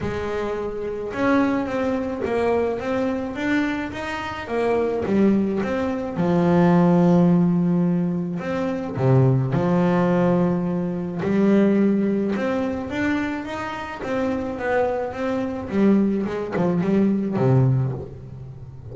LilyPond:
\new Staff \with { instrumentName = "double bass" } { \time 4/4 \tempo 4 = 107 gis2 cis'4 c'4 | ais4 c'4 d'4 dis'4 | ais4 g4 c'4 f4~ | f2. c'4 |
c4 f2. | g2 c'4 d'4 | dis'4 c'4 b4 c'4 | g4 gis8 f8 g4 c4 | }